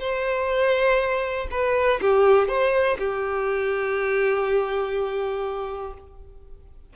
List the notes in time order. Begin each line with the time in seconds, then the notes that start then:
0.00 C5
1.51 B4
2.01 G4
2.48 C5
2.99 G4